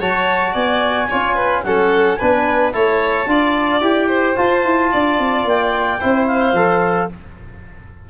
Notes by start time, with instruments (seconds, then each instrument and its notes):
0.00 tuba F#3, trombone F#4, violin C#5, clarinet A5
0.52 tuba B3, violin D5, clarinet G#5
1.09 tuba C#4, trombone F4, violin C#5
1.35 violin B4
1.63 tuba F#3, trombone C#4, violin A4, clarinet F#5
2.16 tuba B3, trombone D4, violin B4, clarinet G#5
2.72 tuba A3, trombone E4, violin C#5, clarinet A5
3.26 tuba D4, trombone F4, violin D5
3.81 tuba E4, trombone G4, clarinet G5
4.08 violin C5
4.36 trombone F4, tuba F4, clarinet A5
4.65 tuba E4
4.92 tuba D4, violin D5
5.19 tuba C4
5.44 tuba A#3, clarinet G5
6.00 tuba C4, trombone E4, violin C5
6.27 clarinet F5
6.53 tuba F3, trombone A4